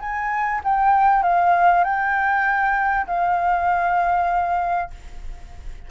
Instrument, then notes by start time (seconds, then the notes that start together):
flute
0.00 G#5
0.64 G5
1.23 F5
1.84 G5
3.07 F5